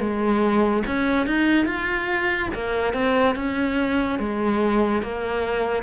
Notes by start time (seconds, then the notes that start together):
0.00 G#3
0.87 C#4
1.27 D#4
1.66 F4
2.55 A#3
2.94 C4
3.36 C#4
4.19 G#3
5.02 A#3